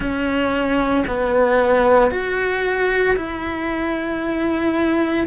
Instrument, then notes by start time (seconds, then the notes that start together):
cello
0.00 C#4
1.07 B3
2.11 F#4
3.16 E4